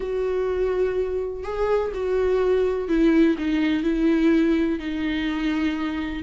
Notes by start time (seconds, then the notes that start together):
0.00 F#4
1.43 G#4
1.94 F#4
2.88 E4
3.38 D#4
3.83 E4
4.79 D#4